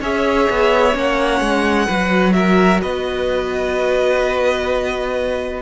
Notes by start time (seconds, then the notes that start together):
0.00 C#4 G#4 C#5 E5
0.50 B3
0.93 A#3 C#4 F#5
1.40 G#3
1.86 F#3 F#4 B4
2.33 A#4 E5
2.81 B3 B4 D#5